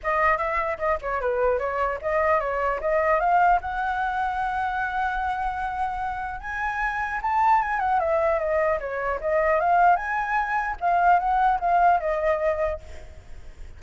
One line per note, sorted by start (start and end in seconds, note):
0.03 0.37 D#5
0.37 0.77 E5
0.78 0.98 D#5
1.01 1.20 C#5
1.20 1.58 B4
1.58 1.98 C#5
2.01 2.40 D#5
2.40 2.80 C#5
2.80 3.20 D#5
3.20 3.60 F5
3.61 6.40 F#5
6.40 7.20 G#5
7.22 7.61 A5
7.61 7.79 G#5
7.79 7.99 F#5
7.99 8.39 E5
8.39 8.79 D#5
8.80 9.20 C#5
9.20 9.59 D#5
9.59 9.96 F5
9.96 10.76 G#5
10.80 11.19 F5
11.19 11.59 F#5
11.60 11.99 F5
11.99 12.79 D#5